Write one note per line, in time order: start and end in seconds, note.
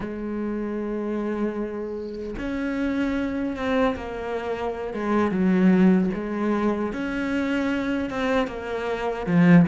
0.00 2.35 G#3
2.38 3.56 C#4
3.56 3.95 C4
3.95 4.93 A#3
4.93 5.31 G#3
5.31 6.10 F#3
6.14 6.93 G#3
6.93 8.10 C#4
8.10 8.47 C4
8.47 9.26 A#3
9.26 9.65 F3